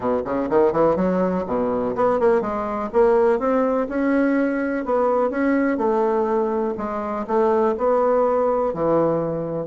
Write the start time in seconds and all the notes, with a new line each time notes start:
0.00 B2
0.25 C#3
0.49 D#3
0.72 E3
0.95 F#3
1.46 B2
1.95 B3
2.19 A#3
2.41 G#3
2.92 A#3
3.39 C4
3.88 C#4
4.85 B3
5.30 C#4
5.77 A3
6.77 G#3
7.27 A3
7.77 B3
8.73 E3